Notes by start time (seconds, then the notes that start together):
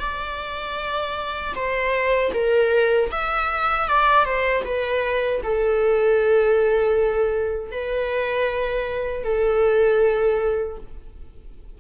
0.00 D5
1.56 C5
2.34 A#4
3.12 E5
3.88 D5
4.25 C5
4.64 B4
5.44 A4
7.71 B4
9.24 A4